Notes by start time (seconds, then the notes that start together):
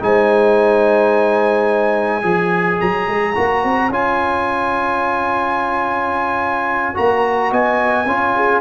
0.00 G#3 D#4 C5 G#5
2.23 F3 G#4 C#5
2.81 F#3 A#5
3.08 G#3
3.35 A#3 F#4
3.64 C4
3.89 C#4 F4 G#5
6.94 A#3 F#4 A#5
7.51 B3 D#5 G#5
8.06 C#4 F4 C#5
8.36 G#4